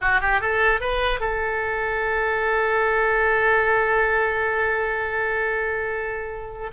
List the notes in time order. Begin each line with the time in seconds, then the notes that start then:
0.01 F#4
0.20 G4
0.40 A4
0.80 B4
1.20 A4